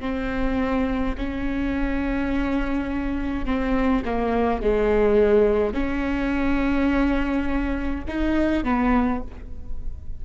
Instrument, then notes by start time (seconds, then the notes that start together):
viola
0.00 C4
1.18 C#4
3.46 C4
4.05 A#3
4.62 G#3
5.74 C#4
8.08 D#4
8.64 B3